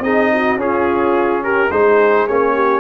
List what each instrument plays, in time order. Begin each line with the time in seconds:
0.00 tuba C4, trombone D#4, horn G#4, trumpet D#5
0.33 horn F#4
0.56 tuba C#4, trombone C#4, horn F4, trumpet G#4
1.43 horn G4, trumpet A#4
1.71 tuba G#3, trombone D#4, horn G#4, trumpet C5
2.27 tuba A#3, trombone C#4, trumpet C#5
2.54 horn G4